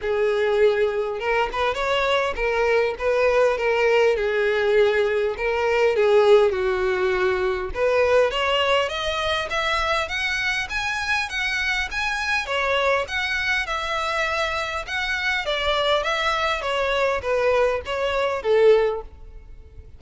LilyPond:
\new Staff \with { instrumentName = "violin" } { \time 4/4 \tempo 4 = 101 gis'2 ais'8 b'8 cis''4 | ais'4 b'4 ais'4 gis'4~ | gis'4 ais'4 gis'4 fis'4~ | fis'4 b'4 cis''4 dis''4 |
e''4 fis''4 gis''4 fis''4 | gis''4 cis''4 fis''4 e''4~ | e''4 fis''4 d''4 e''4 | cis''4 b'4 cis''4 a'4 | }